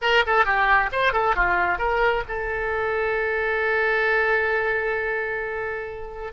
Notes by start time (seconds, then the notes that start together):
0.01 A#4
0.26 A4
0.45 G4
0.91 C5
1.13 A4
1.35 F4
1.78 A#4
2.28 A4